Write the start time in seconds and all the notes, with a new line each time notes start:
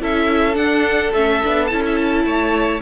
0.00 C#4 E4 A4 E5
0.54 D4 F#5
1.13 A3 C#4 E5
1.43 B3 D4
1.68 C#4 E4 A5
1.86 E5
1.96 A5
2.25 A3 C#5